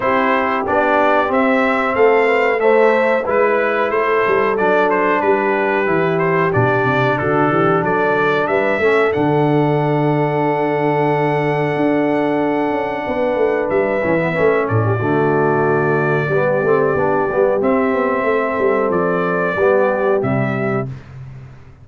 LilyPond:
<<
  \new Staff \with { instrumentName = "trumpet" } { \time 4/4 \tempo 4 = 92 c''4 d''4 e''4 f''4 | e''4 b'4 c''4 d''8 c''8 | b'4. c''8 d''4 a'4 | d''4 e''4 fis''2~ |
fis''1~ | fis''4 e''4. d''4.~ | d''2. e''4~ | e''4 d''2 e''4 | }
  \new Staff \with { instrumentName = "horn" } { \time 4/4 g'2. a'8 b'8 | c''4 b'4 a'2 | g'2. fis'8 g'8 | a'4 b'8 a'2~ a'8~ |
a'1 | b'2~ b'8 a'16 g'16 fis'4~ | fis'4 g'2. | a'2 g'2 | }
  \new Staff \with { instrumentName = "trombone" } { \time 4/4 e'4 d'4 c'2 | a4 e'2 d'4~ | d'4 e'4 d'2~ | d'4. cis'8 d'2~ |
d'1~ | d'4. cis'16 b16 cis'4 a4~ | a4 b8 c'8 d'8 b8 c'4~ | c'2 b4 g4 | }
  \new Staff \with { instrumentName = "tuba" } { \time 4/4 c'4 b4 c'4 a4~ | a4 gis4 a8 g8 fis4 | g4 e4 b,8 c8 d8 e8 | fis4 g8 a8 d2~ |
d2 d'4. cis'8 | b8 a8 g8 e8 a8 a,8 d4~ | d4 g8 a8 b8 g8 c'8 b8 | a8 g8 f4 g4 c4 | }
>>